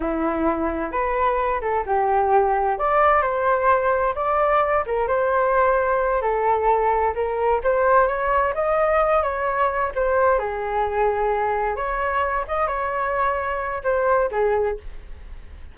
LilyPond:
\new Staff \with { instrumentName = "flute" } { \time 4/4 \tempo 4 = 130 e'2 b'4. a'8 | g'2 d''4 c''4~ | c''4 d''4. ais'8 c''4~ | c''4. a'2 ais'8~ |
ais'8 c''4 cis''4 dis''4. | cis''4. c''4 gis'4.~ | gis'4. cis''4. dis''8 cis''8~ | cis''2 c''4 gis'4 | }